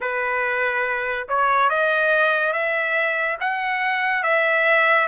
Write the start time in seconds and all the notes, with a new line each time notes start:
0.00 B4
1.28 C#5
1.69 D#5
2.52 E5
3.40 F#5
4.23 E5